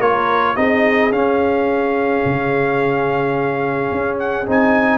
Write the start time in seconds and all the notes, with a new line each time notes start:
0.00 A#3 F4 A#4 C#5
0.56 C4 D#4 G#4 D#5
1.12 C#4 F5
2.26 C#3
3.92 C#4
4.19 F#5
4.47 C4 D#4 G#5